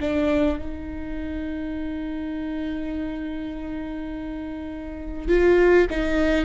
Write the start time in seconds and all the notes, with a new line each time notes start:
0.00 D4
0.58 D#4
5.28 F4
5.90 D#4